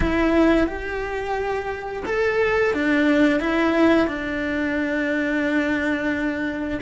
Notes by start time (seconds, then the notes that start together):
0.00 E4
0.66 G4
2.05 A4
2.73 D4
3.40 E4
4.07 D4